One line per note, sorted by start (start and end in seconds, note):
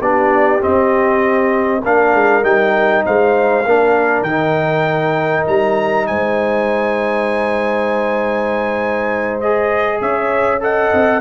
0.00 0.61 B3
0.00 0.60 D4
0.00 1.82 G4
0.00 0.61 D5
0.60 1.81 C4
0.60 1.85 C4
0.60 1.84 D#5
1.82 2.13 A#3
1.82 2.42 D4
1.82 3.03 A#4
1.82 2.44 F5
2.13 2.43 G#3
2.42 3.03 G3
2.42 3.64 D#4
2.42 3.04 G5
3.05 3.65 G#3
3.05 3.65 C5
3.05 4.23 F5
3.65 4.22 A#3
3.65 4.27 D4
3.65 6.08 A#4
4.22 5.43 D#3
4.22 9.42 D#4
4.22 5.44 G5
5.47 6.08 G3
5.47 6.07 A#5
6.07 10.01 G#3
6.07 10.01 C5
6.07 9.40 G#5
9.40 10.60 G#4
9.40 10.01 D#5
10.01 10.92 C#4
10.01 10.61 C#5
10.01 10.62 E5
10.60 11.20 A4
10.60 11.21 D#5
10.60 11.21 F#5
10.93 11.21 C4